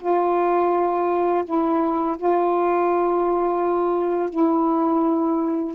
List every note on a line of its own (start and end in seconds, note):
0.00 1.45 F4
1.45 2.17 E4
2.18 4.30 F4
4.30 5.75 E4